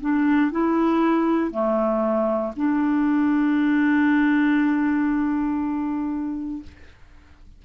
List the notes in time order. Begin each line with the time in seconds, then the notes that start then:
0.00 D4
0.51 E4
1.51 A3
2.56 D4